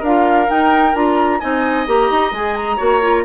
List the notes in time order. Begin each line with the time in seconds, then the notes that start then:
0.00 D4 A#4 F5
0.06 F4
0.47 D#4 G5
0.95 D4 F4 A#5
1.40 C4 D#4 D#5 G#5
1.87 A#3 G4 A#5
2.11 D#4
2.32 G#3 G#4 G#5
2.57 A#5
2.77 A#3 F#4 C#5
3.02 F4